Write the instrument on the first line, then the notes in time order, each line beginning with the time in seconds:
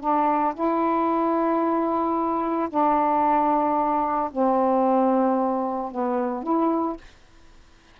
saxophone
0.00 D4
0.54 E4
2.69 D4
4.31 C4
5.91 B3
6.43 E4